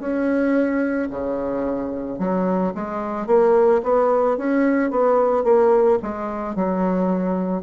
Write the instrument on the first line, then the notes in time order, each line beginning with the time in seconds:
bassoon
0.00 C#4
1.10 C#3
2.19 F#3
2.75 G#3
3.27 A#3
3.83 B3
4.38 C#4
4.91 B3
5.44 A#3
6.02 G#3
6.56 F#3